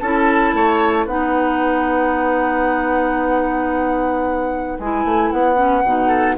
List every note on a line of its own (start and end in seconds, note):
0.00 0.54 C#4
0.00 1.08 E4
0.00 0.55 A4
0.00 1.06 A5
0.54 1.07 A3
0.54 1.06 C#5
1.06 4.78 B3
1.06 4.80 D#4
1.06 6.08 B4
1.06 4.79 F#5
4.80 5.05 G#3
4.80 5.56 E4
4.80 5.31 G#5
5.05 5.32 A3
5.31 5.85 B3
5.31 6.37 F#5
5.56 5.83 C#4
5.85 6.38 B2
5.85 6.39 D#4
6.08 6.34 A4